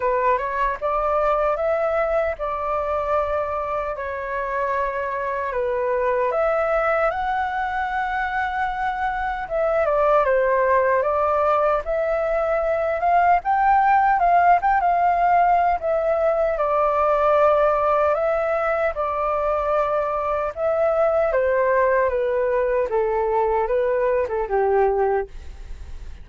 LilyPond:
\new Staff \with { instrumentName = "flute" } { \time 4/4 \tempo 4 = 76 b'8 cis''8 d''4 e''4 d''4~ | d''4 cis''2 b'4 | e''4 fis''2. | e''8 d''8 c''4 d''4 e''4~ |
e''8 f''8 g''4 f''8 g''16 f''4~ f''16 | e''4 d''2 e''4 | d''2 e''4 c''4 | b'4 a'4 b'8. a'16 g'4 | }